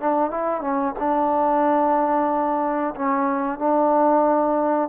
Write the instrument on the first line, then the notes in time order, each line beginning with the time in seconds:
trombone
0.00 D4
0.30 E4
0.61 C#4
0.99 D4
2.95 C#4
3.58 D4